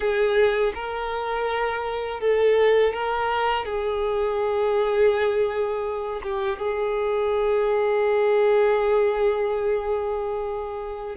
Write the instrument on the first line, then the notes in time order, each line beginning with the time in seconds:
violin
0.00 G#4
0.74 A#4
2.20 A4
2.93 A#4
3.65 G#4
6.23 G4
6.59 G#4